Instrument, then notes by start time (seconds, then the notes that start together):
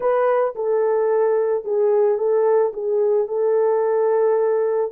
horn
0.00 B4
0.55 A4
1.64 G#4
2.18 A4
2.73 G#4
3.27 A4